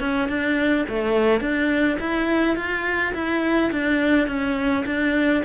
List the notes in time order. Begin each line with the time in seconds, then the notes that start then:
0.00 C#4
0.29 D4
0.89 A3
1.41 D4
2.00 E4
2.56 F4
3.14 E4
3.72 D4
4.27 C#4
4.86 D4